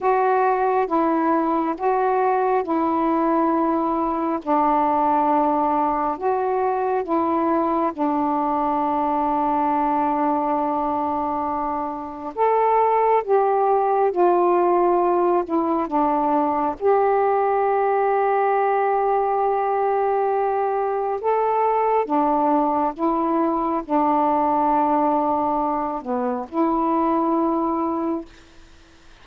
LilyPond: \new Staff \with { instrumentName = "saxophone" } { \time 4/4 \tempo 4 = 68 fis'4 e'4 fis'4 e'4~ | e'4 d'2 fis'4 | e'4 d'2.~ | d'2 a'4 g'4 |
f'4. e'8 d'4 g'4~ | g'1 | a'4 d'4 e'4 d'4~ | d'4. b8 e'2 | }